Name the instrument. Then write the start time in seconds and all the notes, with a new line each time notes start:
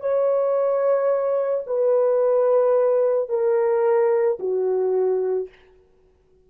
horn
0.00 C#5
1.67 B4
3.29 A#4
4.39 F#4